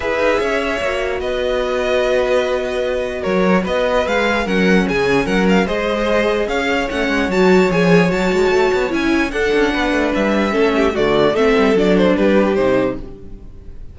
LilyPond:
<<
  \new Staff \with { instrumentName = "violin" } { \time 4/4 \tempo 4 = 148 e''2. dis''4~ | dis''1 | cis''4 dis''4 f''4 fis''4 | gis''4 fis''8 f''8 dis''2 |
f''4 fis''4 a''4 gis''4 | a''2 gis''4 fis''4~ | fis''4 e''2 d''4 | e''4 d''8 c''8 b'4 c''4 | }
  \new Staff \with { instrumentName = "violin" } { \time 4/4 b'4 cis''2 b'4~ | b'1 | ais'4 b'2 ais'4 | gis'4 ais'4 c''2 |
cis''1~ | cis''2. a'4 | b'2 a'8 g'8 fis'4 | a'2 g'2 | }
  \new Staff \with { instrumentName = "viola" } { \time 4/4 gis'2 fis'2~ | fis'1~ | fis'2 gis'4 cis'4~ | cis'2 gis'2~ |
gis'4 cis'4 fis'4 gis'4 | fis'2 e'4 d'4~ | d'2 cis'4 a4 | c'4 d'2 dis'4 | }
  \new Staff \with { instrumentName = "cello" } { \time 4/4 e'8 dis'8 cis'4 ais4 b4~ | b1 | fis4 b4 gis4 fis4 | cis4 fis4 gis2 |
cis'4 a8 gis8 fis4 f4 | fis8 gis8 a8 b8 cis'4 d'8 cis'8 | b8 a8 g4 a4 d4 | a8 g8 fis4 g4 c4 | }
>>